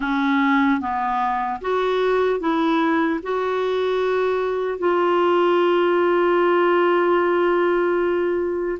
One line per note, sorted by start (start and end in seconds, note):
0.00 0.80 C#4
0.80 1.60 B3
1.61 2.40 F#4
2.40 3.20 E4
3.23 4.78 F#4
4.78 8.78 F4